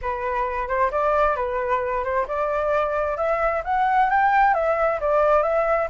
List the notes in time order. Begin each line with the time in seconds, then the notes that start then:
0.01 B4
0.68 C5
0.91 D5
1.36 B4
2.04 C5
2.27 D5
3.17 E5
3.64 F#5
4.10 G5
4.54 E5
5.00 D5
5.42 E5